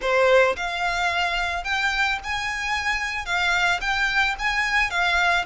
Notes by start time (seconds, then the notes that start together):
0.01 C5
0.56 F5
1.64 G5
2.23 G#5
3.25 F5
3.81 G5
4.39 G#5
4.90 F5